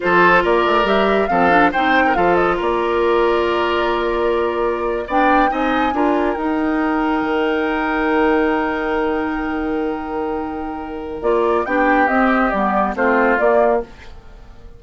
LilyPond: <<
  \new Staff \with { instrumentName = "flute" } { \time 4/4 \tempo 4 = 139 c''4 d''4 e''4 f''4 | g''4 f''8 dis''8 d''2~ | d''2.~ d''8. g''16~ | g''8. gis''2 g''4~ g''16~ |
g''1~ | g''1~ | g''2 d''4 g''4 | dis''4 d''4 c''4 d''4 | }
  \new Staff \with { instrumentName = "oboe" } { \time 4/4 a'4 ais'2 a'4 | c''8. ais'16 a'4 ais'2~ | ais'2.~ ais'8. d''16~ | d''8. dis''4 ais'2~ ais'16~ |
ais'1~ | ais'1~ | ais'2. g'4~ | g'2 f'2 | }
  \new Staff \with { instrumentName = "clarinet" } { \time 4/4 f'2 g'4 c'8 d'8 | dis'4 f'2.~ | f'2.~ f'8. d'16~ | d'8. dis'4 f'4 dis'4~ dis'16~ |
dis'1~ | dis'1~ | dis'2 f'4 d'4 | c'4 b4 c'4 ais4 | }
  \new Staff \with { instrumentName = "bassoon" } { \time 4/4 f4 ais8 a8 g4 f4 | c'4 f4 ais2~ | ais2.~ ais8. b16~ | b8. c'4 d'4 dis'4~ dis'16~ |
dis'8. dis2.~ dis16~ | dis1~ | dis2 ais4 b4 | c'4 g4 a4 ais4 | }
>>